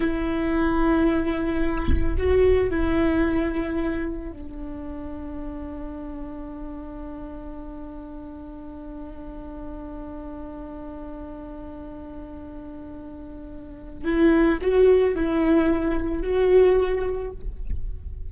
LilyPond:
\new Staff \with { instrumentName = "viola" } { \time 4/4 \tempo 4 = 111 e'1 | fis'4 e'2. | d'1~ | d'1~ |
d'1~ | d'1~ | d'2 e'4 fis'4 | e'2 fis'2 | }